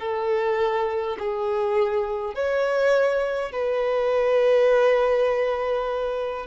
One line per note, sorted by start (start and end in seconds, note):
0.00 1.18 A4
1.19 2.35 G#4
2.35 3.53 C#5
3.53 6.47 B4